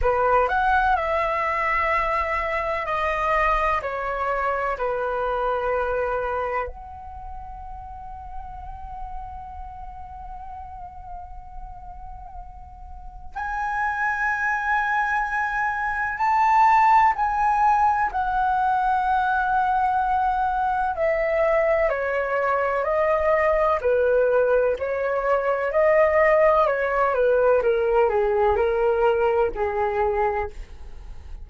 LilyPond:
\new Staff \with { instrumentName = "flute" } { \time 4/4 \tempo 4 = 63 b'8 fis''8 e''2 dis''4 | cis''4 b'2 fis''4~ | fis''1~ | fis''2 gis''2~ |
gis''4 a''4 gis''4 fis''4~ | fis''2 e''4 cis''4 | dis''4 b'4 cis''4 dis''4 | cis''8 b'8 ais'8 gis'8 ais'4 gis'4 | }